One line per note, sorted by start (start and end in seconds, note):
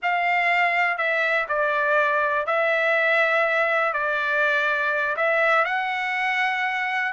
0.02 0.97 F5
0.97 1.46 E5
1.48 2.46 D5
2.46 3.93 E5
3.93 5.16 D5
5.16 5.64 E5
5.64 7.12 F#5